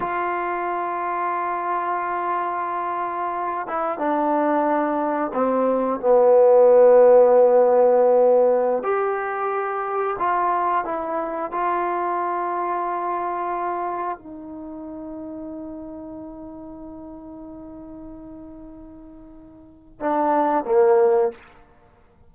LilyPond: \new Staff \with { instrumentName = "trombone" } { \time 4/4 \tempo 4 = 90 f'1~ | f'4. e'8 d'2 | c'4 b2.~ | b4~ b16 g'2 f'8.~ |
f'16 e'4 f'2~ f'8.~ | f'4~ f'16 dis'2~ dis'8.~ | dis'1~ | dis'2 d'4 ais4 | }